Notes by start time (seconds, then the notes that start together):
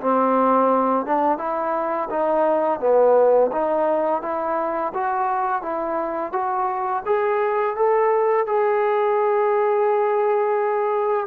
0.00 C4
1.06 D4
1.38 E4
2.10 D#4
2.80 B3
3.52 D#4
4.22 E4
4.93 F#4
5.62 E4
6.32 F#4
7.05 G#4
7.76 A4
8.46 G#4